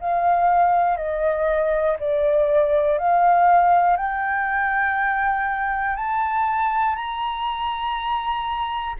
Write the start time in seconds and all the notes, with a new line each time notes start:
0.00 F5
0.97 D#5
2.00 D5
2.98 F5
3.96 G5
5.96 A5
6.95 A#5